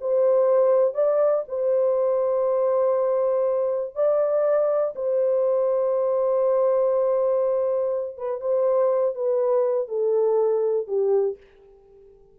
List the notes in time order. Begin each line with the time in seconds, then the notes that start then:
0.00 C5
0.94 D5
1.48 C5
3.95 D5
4.95 C5
8.17 B4
8.41 C5
9.15 B4
9.88 A4
10.87 G4